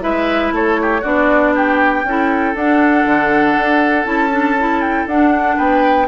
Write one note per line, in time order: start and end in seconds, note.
0.00 0.52 G#3
0.00 1.01 E4
0.00 0.54 B4
0.00 0.53 E5
0.52 1.02 A3
0.52 0.81 A4
0.52 1.04 C#5
0.82 1.01 G4
1.01 2.04 B3
1.01 2.05 D4
1.01 1.52 F#4
1.01 1.54 D5
1.55 2.06 G4
1.55 2.56 G5
2.04 2.54 C#4
2.04 2.56 E4
2.04 5.57 A4
2.55 3.05 D4
2.55 4.04 D4
2.55 4.05 F#5
3.06 3.56 D3
3.57 4.05 D4
4.04 5.06 C#4
4.04 4.29 E4
4.04 4.81 A5
4.31 4.56 D4
4.59 5.09 E4
4.81 5.07 G5
5.07 5.57 D4
5.07 6.08 D4
5.07 5.58 F#5
5.57 6.08 B3
5.57 6.07 B4
5.57 6.08 G5